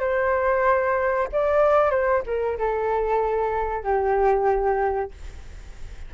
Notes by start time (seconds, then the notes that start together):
0.00 C5
1.32 D5
1.91 C5
2.26 A#4
2.58 A4
3.84 G4